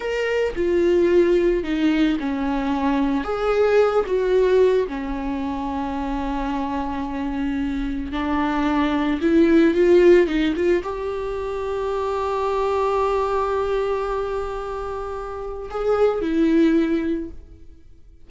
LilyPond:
\new Staff \with { instrumentName = "viola" } { \time 4/4 \tempo 4 = 111 ais'4 f'2 dis'4 | cis'2 gis'4. fis'8~ | fis'4 cis'2.~ | cis'2. d'4~ |
d'4 e'4 f'4 dis'8 f'8 | g'1~ | g'1~ | g'4 gis'4 e'2 | }